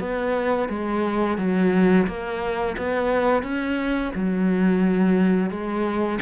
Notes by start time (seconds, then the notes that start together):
0.00 B3
0.69 G#3
1.38 F#3
2.08 A#3
2.78 B3
3.43 C#4
4.15 F#3
5.51 G#3